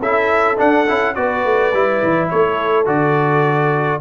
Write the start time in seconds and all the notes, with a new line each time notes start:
0.00 C#4 E4 A4 E5
0.57 D4 F#5
0.89 C#4 E4
1.15 B3 F#4 B4 D5
1.45 A3
1.73 G3 E4
2.03 E3
2.30 A3 A4 C#5
2.86 D3 F#4 D5